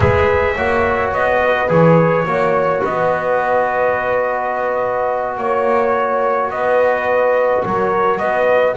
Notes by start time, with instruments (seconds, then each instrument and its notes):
0.00 double bass G#3, trombone G#4, horn B4, trumpet E5
0.54 double bass A#3, trombone F#4, horn C#5
1.12 double bass B3, trumpet D#5
1.44 horn B4
1.68 double bass E3, trombone G#4, trumpet C#5
2.25 double bass A#3, trombone F#4, horn C#5
2.81 double bass B3, horn B4, trumpet D#5
5.37 double bass A#3, trumpet C#5, horn C#5
6.50 double bass B3, horn B4, trumpet D#5
7.63 double bass F#3, horn A#4, trumpet C#5
8.18 double bass B3, horn B4, trumpet D#5